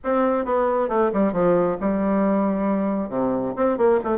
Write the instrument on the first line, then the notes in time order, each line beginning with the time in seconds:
bassoon
0.04 C4
0.45 B3
0.88 A3
1.13 G3
1.33 F3
1.80 G3
3.09 C3
3.56 C4
3.77 A#3
4.03 A3